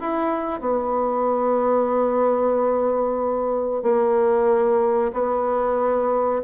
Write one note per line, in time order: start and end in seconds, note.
0.00 0.60 E4
0.60 3.82 B3
3.82 5.11 A#3
5.12 6.41 B3